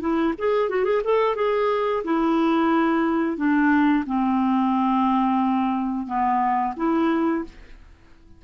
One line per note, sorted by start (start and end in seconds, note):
0.00 0.34 E4
0.38 0.70 G#4
0.70 0.85 F#4
0.85 1.02 G#4
1.04 1.35 A4
1.35 2.03 G#4
2.04 3.37 E4
3.37 4.04 D4
4.06 6.06 C4
6.06 6.74 B3
6.77 7.44 E4